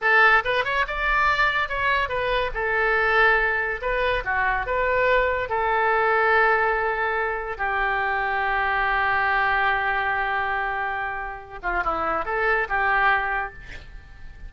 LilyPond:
\new Staff \with { instrumentName = "oboe" } { \time 4/4 \tempo 4 = 142 a'4 b'8 cis''8 d''2 | cis''4 b'4 a'2~ | a'4 b'4 fis'4 b'4~ | b'4 a'2.~ |
a'2 g'2~ | g'1~ | g'2.~ g'8 f'8 | e'4 a'4 g'2 | }